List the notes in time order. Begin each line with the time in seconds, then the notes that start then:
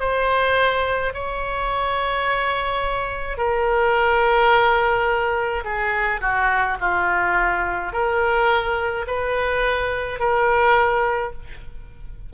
0.00 C5
1.14 C#5
3.38 A#4
5.64 G#4
6.21 F#4
6.80 F4
7.92 A#4
9.07 B4
10.19 A#4